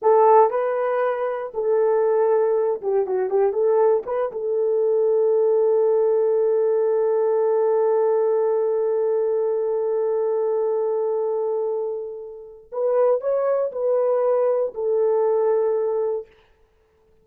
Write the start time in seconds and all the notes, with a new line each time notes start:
0.01 A4
0.50 B4
1.53 A4
2.81 G4
3.06 F#4
3.30 G4
3.52 A4
4.06 B4
4.32 A4
12.72 B4
13.20 C#5
13.71 B4
14.74 A4